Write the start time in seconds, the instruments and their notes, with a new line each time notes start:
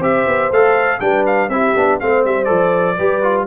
0.00 tuba C4, trombone G4, horn C5, trumpet E5
0.27 tuba B3
0.51 tuba A3, trombone A4, trumpet F5
1.00 tuba G3, trombone D4, horn B4, trumpet G5
1.27 trumpet F5
1.49 tuba C4, trombone E4, horn G4, trumpet E5
1.76 tuba B3, trombone D4
2.00 tuba A3, trombone C4, horn C5, trumpet F5
2.25 tuba G3, trumpet E5
2.44 tuba F3, trombone A4, trumpet D5
2.97 tuba G3, trombone G4, horn B4
3.23 trombone F4